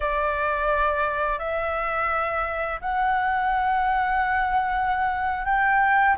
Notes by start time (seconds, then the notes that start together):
0.00 D5
1.39 E5
2.81 F#5
5.45 G5